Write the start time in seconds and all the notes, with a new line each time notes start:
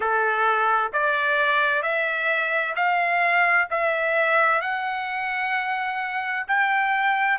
0.00 A4
0.92 D5
1.82 E5
2.75 F5
3.70 E5
4.61 F#5
6.47 G5